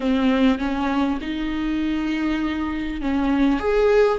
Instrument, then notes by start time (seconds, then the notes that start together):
viola
0.00 C4
0.58 C#4
1.21 D#4
3.01 C#4
3.59 G#4